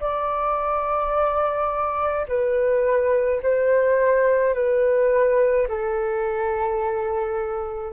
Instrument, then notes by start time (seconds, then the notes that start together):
flute
0.00 D5
2.28 B4
3.43 C5
4.54 B4
5.68 A4